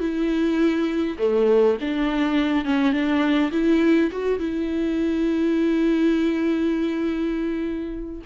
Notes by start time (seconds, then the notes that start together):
0.00 E4
1.19 A3
1.81 D4
2.65 C#4
2.93 D4
3.52 E4
4.11 F#4
4.40 E4